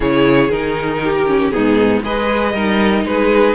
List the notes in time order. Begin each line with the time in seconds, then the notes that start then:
0.00 C#3 E4 G#4 C#5
0.49 D#3 D#4 A#4
1.03 G4
1.27 C#4
1.50 B3 D#4 G#4
1.56 G#2
2.03 G#3 G#4 B4 D#5
2.53 G3 D#4 A#4
3.03 G#3 G#4 B4